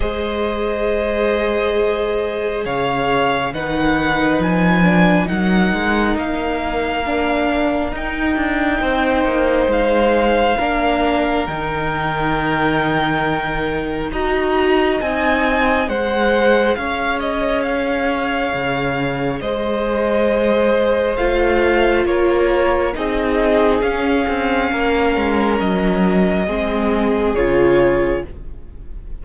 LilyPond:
<<
  \new Staff \with { instrumentName = "violin" } { \time 4/4 \tempo 4 = 68 dis''2. f''4 | fis''4 gis''4 fis''4 f''4~ | f''4 g''2 f''4~ | f''4 g''2. |
ais''4 gis''4 fis''4 f''8 dis''8 | f''2 dis''2 | f''4 cis''4 dis''4 f''4~ | f''4 dis''2 cis''4 | }
  \new Staff \with { instrumentName = "violin" } { \time 4/4 c''2. cis''4 | b'2 ais'2~ | ais'2 c''2 | ais'1 |
dis''2 c''4 cis''4~ | cis''2 c''2~ | c''4 ais'4 gis'2 | ais'2 gis'2 | }
  \new Staff \with { instrumentName = "viola" } { \time 4/4 gis'1 | dis'4. d'8 dis'2 | d'4 dis'2. | d'4 dis'2. |
fis'4 dis'4 gis'2~ | gis'1 | f'2 dis'4 cis'4~ | cis'2 c'4 f'4 | }
  \new Staff \with { instrumentName = "cello" } { \time 4/4 gis2. cis4 | dis4 f4 fis8 gis8 ais4~ | ais4 dis'8 d'8 c'8 ais8 gis4 | ais4 dis2. |
dis'4 c'4 gis4 cis'4~ | cis'4 cis4 gis2 | a4 ais4 c'4 cis'8 c'8 | ais8 gis8 fis4 gis4 cis4 | }
>>